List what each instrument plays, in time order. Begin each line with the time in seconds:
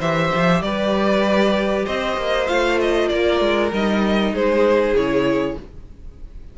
0.00 cello E3, viola G4, violin C5 E5
0.35 cello F3
0.62 cello G3, violin B4 D5
1.85 cello C4, violin C5 D#5
2.17 cello A#3
2.48 cello A3, viola F4, violin F5
2.81 violin D#5
3.09 cello A#3, violin A#4 D5
3.41 cello G#3
3.73 cello G3, viola D#4, violin D#5
4.33 cello G#3, violin G#4 C5
4.95 cello C#3, viola E4, violin C#5